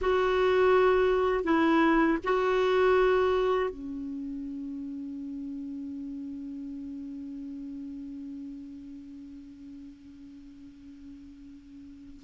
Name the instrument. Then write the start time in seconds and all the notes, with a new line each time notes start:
clarinet
0.01 F#4
1.43 E4
2.24 F#4
3.70 C#4